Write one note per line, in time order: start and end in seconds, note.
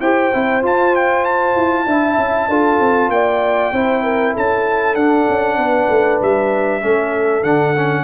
0.00 0.31 E4
0.00 0.33 G4
0.00 1.86 C5
0.00 0.62 G5
0.33 0.62 C4
0.33 0.62 E4
0.62 1.86 F4
0.62 1.55 F4
0.62 0.95 A5
0.95 1.24 G5
1.24 3.10 A5
1.56 1.86 E4
1.86 2.17 D4
1.86 2.50 E4
1.86 2.48 E5
2.17 2.48 C#4
2.48 2.79 D4
2.48 3.73 F4
2.48 3.10 A4
2.79 3.09 C4
3.09 3.70 A#3
3.09 3.73 D5
3.09 4.34 G5
3.72 4.34 C4
3.72 4.97 E4
3.72 4.03 C5
4.03 4.33 A#4
4.33 4.94 C#4
4.33 5.57 A4
4.33 4.95 A5
4.94 5.25 D4
4.94 6.81 D4
4.94 6.18 F#5
5.28 5.57 C#4
5.57 5.88 B3
5.57 6.83 B4
5.89 6.20 A3
6.21 6.83 G3
6.21 7.43 E5
6.81 7.43 A3
6.81 7.43 C#4
6.81 8.04 A4
7.43 8.04 D3
7.43 7.74 D4
7.43 8.04 F#5
7.76 8.04 C#4